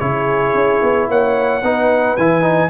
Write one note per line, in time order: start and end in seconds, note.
0.00 0.55 C#3
0.00 1.63 E4
0.00 1.09 G#4
0.00 1.08 C#5
0.55 0.82 C#4
0.83 1.09 B3
1.09 1.63 A#3
1.09 1.63 C#5
1.09 2.17 F#5
1.63 2.17 B3
1.63 2.18 D#4
1.63 2.70 B4
2.17 2.70 E3
2.17 2.42 E4
2.17 2.70 G#5
2.42 2.69 D#4